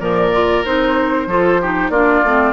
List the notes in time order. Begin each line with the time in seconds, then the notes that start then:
0.00 A#2 F3 A#4 D5
0.33 F4
0.65 C4 D#4 C5
1.27 F3 F4 A4
1.62 D#4 G4
1.90 A#3 D4 F4 D5
2.24 A3 C4